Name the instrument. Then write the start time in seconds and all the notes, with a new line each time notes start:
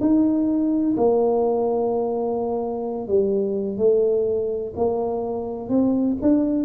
tuba
0.00 D#4
0.97 A#3
3.07 G3
3.77 A3
4.76 A#3
5.69 C4
6.22 D4